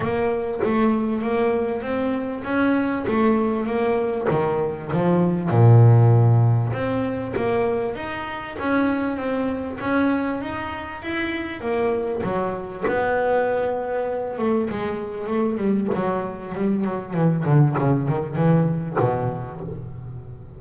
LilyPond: \new Staff \with { instrumentName = "double bass" } { \time 4/4 \tempo 4 = 98 ais4 a4 ais4 c'4 | cis'4 a4 ais4 dis4 | f4 ais,2 c'4 | ais4 dis'4 cis'4 c'4 |
cis'4 dis'4 e'4 ais4 | fis4 b2~ b8 a8 | gis4 a8 g8 fis4 g8 fis8 | e8 d8 cis8 dis8 e4 b,4 | }